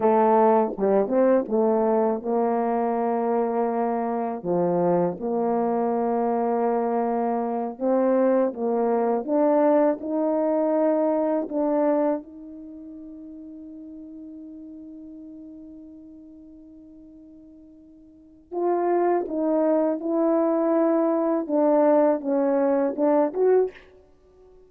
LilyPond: \new Staff \with { instrumentName = "horn" } { \time 4/4 \tempo 4 = 81 a4 g8 c'8 a4 ais4~ | ais2 f4 ais4~ | ais2~ ais8 c'4 ais8~ | ais8 d'4 dis'2 d'8~ |
d'8 dis'2.~ dis'8~ | dis'1~ | dis'4 f'4 dis'4 e'4~ | e'4 d'4 cis'4 d'8 fis'8 | }